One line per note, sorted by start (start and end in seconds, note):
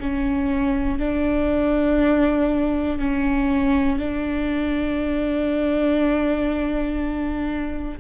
0.00 1.00 C#4
1.00 2.99 D4
2.99 3.99 C#4
3.99 7.99 D4